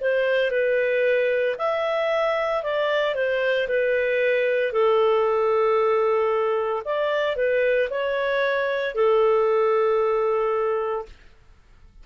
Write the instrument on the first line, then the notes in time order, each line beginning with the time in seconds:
clarinet
0.00 C5
0.51 B4
1.58 E5
2.63 D5
3.15 C5
3.68 B4
4.72 A4
6.85 D5
7.36 B4
7.90 C#5
8.95 A4